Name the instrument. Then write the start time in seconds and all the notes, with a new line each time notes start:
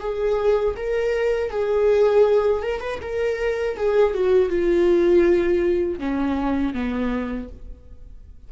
viola
0.00 G#4
0.77 A#4
1.51 G#4
2.63 A#4
2.81 B4
3.02 A#4
3.77 G#4
4.14 F#4
4.50 F4
5.99 C#4
6.74 B3